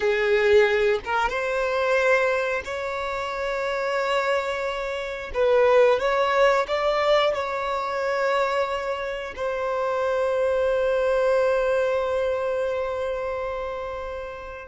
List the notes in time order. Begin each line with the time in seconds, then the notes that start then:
0.00 G#4
1.04 A#4
1.29 C5
2.64 C#5
5.34 B4
5.99 C#5
6.67 D5
7.34 C#5
9.35 C5